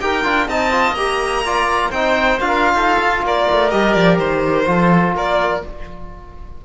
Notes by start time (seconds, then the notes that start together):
0.00 D#4 G4 A#4 G5
0.24 D4 F4
0.48 C4 D#4 D#5 A5
0.71 F4
0.92 A#3 G4 A#5
1.44 F4 D5
1.90 C4 D#4 C5 G5
2.40 D4 F4 F5
2.47 A#4
2.74 D#4 A4
2.99 F4
3.22 A#3 A#4 D5
3.51 A3
3.70 G3 G4 D#5
3.93 F3 D5
4.18 D#3 C5
4.65 F3 F4 A4
5.15 A#3 A#4 D5